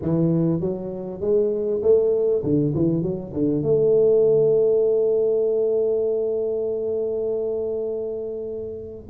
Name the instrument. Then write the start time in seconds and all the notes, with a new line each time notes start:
tuba
0.02 E3
0.60 F#3
1.20 G#3
1.82 A3
2.43 D3
2.74 E3
3.02 F#3
3.33 D3
3.62 A3